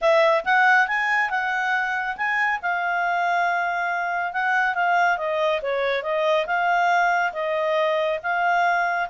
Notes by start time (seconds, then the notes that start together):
0.01 E5
0.44 F#5
0.87 G#5
1.30 F#5
2.16 G#5
2.62 F5
4.32 F#5
4.74 F5
5.17 D#5
5.62 C#5
6.02 D#5
6.46 F5
7.32 D#5
8.22 F5